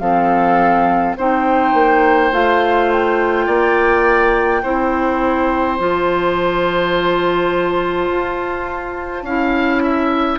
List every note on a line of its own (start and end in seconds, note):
0.00 1.16 F3
0.00 1.17 C4
0.00 1.18 A4
0.00 1.15 F5
1.18 1.74 C4
1.18 2.32 D#4
1.18 3.46 C5
1.18 2.34 G5
1.74 2.32 A#3
2.32 3.48 A3
2.32 4.63 F4
2.32 2.92 F5
2.92 5.78 G5
3.46 4.63 A#3
3.46 4.62 D5
4.62 5.79 C4
4.62 5.79 E4
4.62 9.24 C5
5.78 8.10 F3
5.78 9.25 F4
5.78 10.39 A5
8.11 9.23 F4
9.23 10.38 C#4
9.23 10.39 E4
9.23 9.83 F5
9.83 10.39 E5